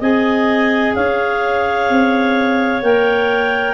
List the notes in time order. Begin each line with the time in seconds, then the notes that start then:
0.00 C4 G#4 D#5 G#5
0.95 C#4 C#5 F5
1.90 C4
2.83 A#3 A#4 G5